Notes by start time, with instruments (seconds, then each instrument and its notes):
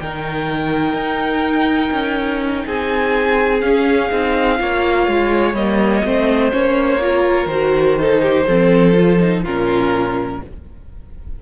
0.00 cello D#3, viola D#4, violin A#4 G5
0.94 cello D#4
1.92 cello C#4
2.66 cello C4, violin G#4 G#5
3.61 viola C#4, cello C#4, violin F5
4.12 cello C4, viola D#4
4.58 cello A#3, viola F4, violin C#5
5.07 cello G#3
5.54 cello G3, viola A#3, violin D#5
6.05 cello A3, viola C4, violin C5
6.52 cello A#3, viola C#4, violin C#5
7.01 viola F4, violin A#4
7.46 cello D#3, viola F#4, violin C5
8.00 viola D#4, violin A4
8.22 violin G4
8.47 cello F3, viola C4, violin A4
8.94 viola F4
9.21 viola D#4
9.43 cello A#2, viola C#4, violin F4 A#4